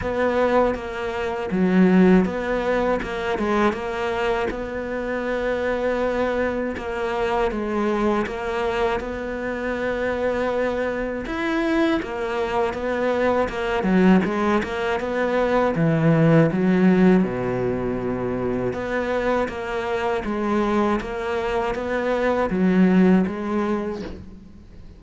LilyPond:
\new Staff \with { instrumentName = "cello" } { \time 4/4 \tempo 4 = 80 b4 ais4 fis4 b4 | ais8 gis8 ais4 b2~ | b4 ais4 gis4 ais4 | b2. e'4 |
ais4 b4 ais8 fis8 gis8 ais8 | b4 e4 fis4 b,4~ | b,4 b4 ais4 gis4 | ais4 b4 fis4 gis4 | }